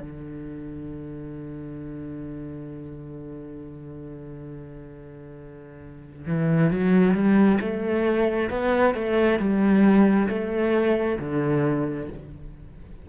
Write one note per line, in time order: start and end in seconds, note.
0.00 6.27 D3
6.27 6.71 E3
6.71 7.14 F#3
7.14 7.59 G3
7.61 8.50 A3
8.50 8.95 B3
8.95 9.39 A3
9.39 10.29 G3
10.29 11.19 A3
11.19 12.09 D3